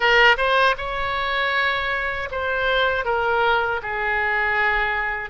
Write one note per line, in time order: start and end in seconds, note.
0.00 0.36 A#4
0.37 0.75 C5
0.77 2.29 C#5
2.31 3.04 C5
3.04 3.80 A#4
3.82 5.30 G#4